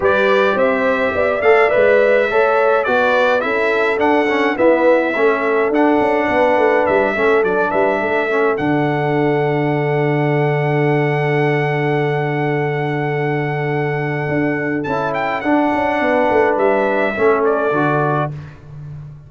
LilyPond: <<
  \new Staff \with { instrumentName = "trumpet" } { \time 4/4 \tempo 4 = 105 d''4 e''4. f''8 e''4~ | e''4 d''4 e''4 fis''4 | e''2 fis''2 | e''4 d''8 e''4. fis''4~ |
fis''1~ | fis''1~ | fis''2 a''8 g''8 fis''4~ | fis''4 e''4. d''4. | }
  \new Staff \with { instrumentName = "horn" } { \time 4/4 b'4 c''4 d''2 | cis''4 b'4 a'2 | b'4 a'2 b'4~ | b'8 a'4 b'8 a'2~ |
a'1~ | a'1~ | a'1 | b'2 a'2 | }
  \new Staff \with { instrumentName = "trombone" } { \time 4/4 g'2~ g'8 a'8 b'4 | a'4 fis'4 e'4 d'8 cis'8 | b4 cis'4 d'2~ | d'8 cis'8 d'4. cis'8 d'4~ |
d'1~ | d'1~ | d'2 e'4 d'4~ | d'2 cis'4 fis'4 | }
  \new Staff \with { instrumentName = "tuba" } { \time 4/4 g4 c'4 b8 a8 gis4 | a4 b4 cis'4 d'4 | e'4 a4 d'8 cis'8 b8 a8 | g8 a8 fis8 g8 a4 d4~ |
d1~ | d1~ | d4 d'4 cis'4 d'8 cis'8 | b8 a8 g4 a4 d4 | }
>>